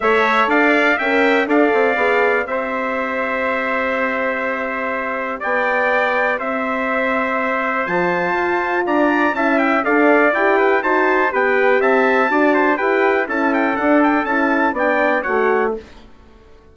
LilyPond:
<<
  \new Staff \with { instrumentName = "trumpet" } { \time 4/4 \tempo 4 = 122 e''4 f''4 g''4 f''4~ | f''4 e''2.~ | e''2. g''4~ | g''4 e''2. |
a''2 ais''4 a''8 g''8 | f''4 g''4 a''4 g''4 | a''2 g''4 a''8 g''8 | fis''8 g''8 a''4 g''4 fis''4 | }
  \new Staff \with { instrumentName = "trumpet" } { \time 4/4 cis''4 d''4 e''4 d''4~ | d''4 c''2.~ | c''2. d''4~ | d''4 c''2.~ |
c''2 d''4 e''4 | d''4. b'8 c''4 b'4 | e''4 d''8 c''8 b'4 a'4~ | a'2 d''4 cis''4 | }
  \new Staff \with { instrumentName = "horn" } { \time 4/4 a'2 ais'4 a'4 | gis'4 g'2.~ | g'1~ | g'1 |
f'2. e'4 | a'4 g'4 fis'4 g'4~ | g'4 fis'4 g'4 e'4 | d'4 e'4 d'4 fis'4 | }
  \new Staff \with { instrumentName = "bassoon" } { \time 4/4 a4 d'4 cis'4 d'8 c'8 | b4 c'2.~ | c'2. b4~ | b4 c'2. |
f4 f'4 d'4 cis'4 | d'4 e'4 dis'4 b4 | c'4 d'4 e'4 cis'4 | d'4 cis'4 b4 a4 | }
>>